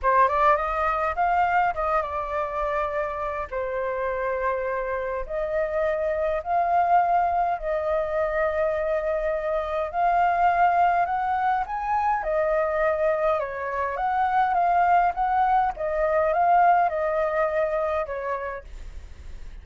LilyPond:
\new Staff \with { instrumentName = "flute" } { \time 4/4 \tempo 4 = 103 c''8 d''8 dis''4 f''4 dis''8 d''8~ | d''2 c''2~ | c''4 dis''2 f''4~ | f''4 dis''2.~ |
dis''4 f''2 fis''4 | gis''4 dis''2 cis''4 | fis''4 f''4 fis''4 dis''4 | f''4 dis''2 cis''4 | }